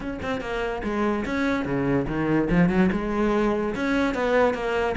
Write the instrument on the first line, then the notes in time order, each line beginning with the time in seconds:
cello
0.00 C#4
0.22 C4
0.40 A#3
0.83 G#3
1.25 C#4
1.65 C#3
2.07 D#3
2.50 F3
2.69 F#3
2.92 G#3
3.75 C#4
4.14 B3
4.53 A#3